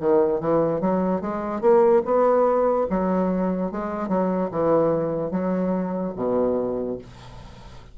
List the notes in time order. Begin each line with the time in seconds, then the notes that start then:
0.00 D#3
0.40 E3
0.81 F#3
1.21 G#3
1.61 A#3
2.05 B3
2.90 F#3
3.71 G#3
4.08 F#3
4.51 E3
5.31 F#3
6.16 B2